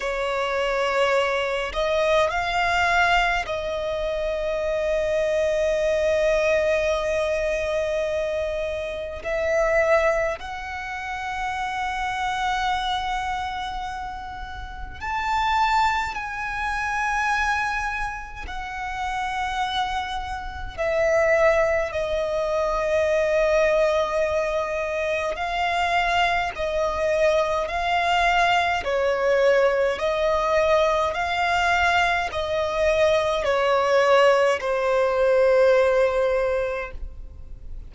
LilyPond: \new Staff \with { instrumentName = "violin" } { \time 4/4 \tempo 4 = 52 cis''4. dis''8 f''4 dis''4~ | dis''1 | e''4 fis''2.~ | fis''4 a''4 gis''2 |
fis''2 e''4 dis''4~ | dis''2 f''4 dis''4 | f''4 cis''4 dis''4 f''4 | dis''4 cis''4 c''2 | }